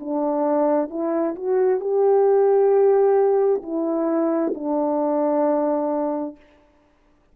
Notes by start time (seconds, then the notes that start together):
0.00 D4
0.90 E4
1.36 F#4
1.81 G4
3.63 E4
4.55 D4